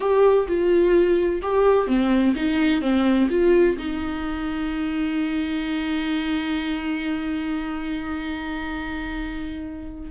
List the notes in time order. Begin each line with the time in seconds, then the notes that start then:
0.00 G4
0.47 F4
1.41 G4
1.87 C4
2.35 D#4
2.81 C4
3.29 F4
3.77 D#4